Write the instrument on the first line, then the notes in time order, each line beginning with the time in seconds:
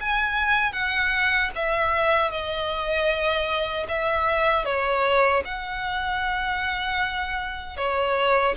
violin
0.00 G#5
0.72 F#5
1.55 E5
2.31 D#5
3.88 E5
4.65 C#5
5.45 F#5
7.77 C#5